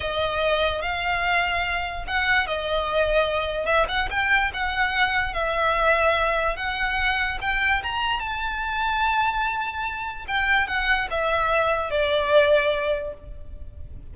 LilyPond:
\new Staff \with { instrumentName = "violin" } { \time 4/4 \tempo 4 = 146 dis''2 f''2~ | f''4 fis''4 dis''2~ | dis''4 e''8 fis''8 g''4 fis''4~ | fis''4 e''2. |
fis''2 g''4 ais''4 | a''1~ | a''4 g''4 fis''4 e''4~ | e''4 d''2. | }